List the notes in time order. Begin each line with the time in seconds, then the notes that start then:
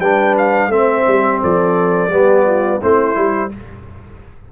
0.00 G3 D4 B4 G5
0.37 F5
0.68 A3 C4 C5 E5
1.07 G3
1.42 F3 A4 D5
2.09 G3 B3 G4
2.46 F4
2.79 A3 C4 E4 C5
3.14 G3 E4